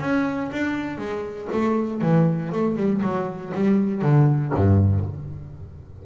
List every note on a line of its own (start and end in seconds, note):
0.00 0.50 C#4
0.52 0.98 D4
0.98 1.48 G#3
1.52 2.02 A3
2.02 2.52 E3
2.52 2.76 A3
2.76 3.01 G3
3.02 3.52 F#3
3.55 4.02 G3
4.02 4.52 D3
4.55 5.05 G2